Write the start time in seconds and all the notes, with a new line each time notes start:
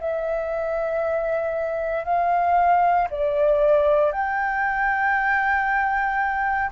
0.00 E5
2.05 F5
3.10 D5
4.12 G5